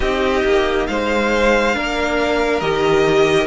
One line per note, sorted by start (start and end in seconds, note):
0.00 0.43 C4
0.00 1.74 D#4
0.00 0.87 G4
0.00 0.87 D#5
0.44 0.87 A#3
0.87 1.75 G#3
0.87 1.75 C5
0.87 2.60 F5
1.74 2.61 A#3
1.74 2.61 D4
1.74 3.46 A#4
2.60 3.46 D#3
2.60 3.46 G4
2.60 3.46 D#5